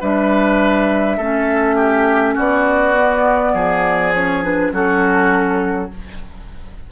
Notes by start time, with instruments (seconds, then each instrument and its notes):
0.00 bassoon G3, clarinet D4, oboe B4, flute E5
1.17 bassoon A3, clarinet C#4, oboe A4
1.75 oboe G4
2.34 bassoon B3, oboe F#4, flute D5
2.96 clarinet B3
3.54 bassoon F3, oboe G#4
4.13 clarinet C#4, flute C#5
4.43 clarinet D4, flute B4
4.71 bassoon F#3, clarinet C#4, oboe F#4, flute A4